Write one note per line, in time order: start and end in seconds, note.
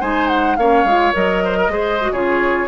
0.00 0.57 G#3
0.00 0.57 D#4
0.00 0.57 C5
0.00 0.28 G#5
0.28 0.56 F#5
0.56 0.84 A#3
0.56 0.88 C#4
0.56 1.44 C#5
0.56 1.13 F5
0.84 1.12 G#3
0.84 1.13 F4
1.13 1.68 F#3
1.13 1.70 A#4
1.13 2.13 D#5
1.44 1.57 C5
1.57 1.71 A#4
1.68 2.10 G#3
1.68 1.98 G#4
1.68 2.12 C5
2.01 2.14 F#4
2.12 2.68 C#3
2.12 2.68 F4
2.12 2.68 G#4
2.12 2.68 C#5